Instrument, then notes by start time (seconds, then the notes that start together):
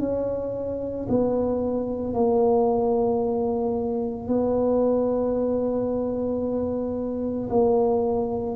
tuba
0.00 C#4
1.09 B3
2.14 A#3
4.28 B3
7.50 A#3